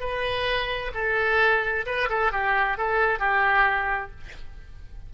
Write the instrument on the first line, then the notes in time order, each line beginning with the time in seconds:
oboe
0.00 B4
0.94 A4
1.86 B4
2.09 A4
2.32 G4
2.78 A4
3.19 G4